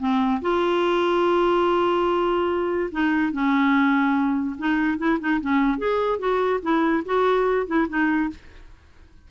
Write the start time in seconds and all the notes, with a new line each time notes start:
0.00 C4
0.42 F4
2.92 D#4
3.33 C#4
4.59 D#4
4.98 E4
5.20 D#4
5.41 C#4
5.78 G#4
6.19 F#4
6.62 E4
7.06 F#4
7.67 E4
7.89 D#4